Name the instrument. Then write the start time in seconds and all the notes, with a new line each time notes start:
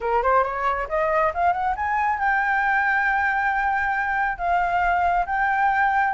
flute
0.01 A#4
0.22 C5
0.43 C#5
0.89 D#5
1.34 F5
1.52 F#5
1.76 G#5
2.19 G5
4.38 F5
5.26 G5